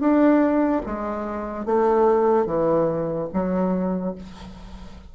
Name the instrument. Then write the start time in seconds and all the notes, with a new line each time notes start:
bassoon
0.00 D4
0.86 G#3
1.66 A3
2.46 E3
3.33 F#3